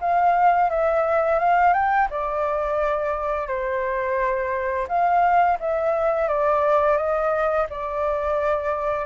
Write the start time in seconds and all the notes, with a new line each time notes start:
0.00 F5
0.69 E5
1.39 F5
1.73 G5
2.10 D5
3.47 C5
4.88 F5
5.60 E5
6.28 D5
6.96 D#5
7.69 D5